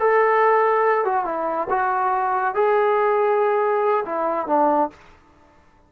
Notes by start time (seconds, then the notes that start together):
0.00 A4
1.05 F#4
1.25 E4
1.70 F#4
2.55 G#4
4.06 E4
4.47 D4